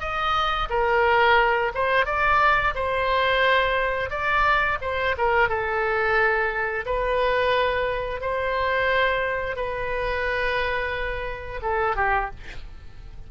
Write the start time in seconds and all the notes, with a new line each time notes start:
0.00 D#5
0.69 A#4
1.74 C5
2.05 D5
2.75 C5
4.10 D5
4.81 C5
5.18 A#4
5.49 A4
6.86 B4
8.21 C5
9.56 B4
11.62 A4
11.96 G4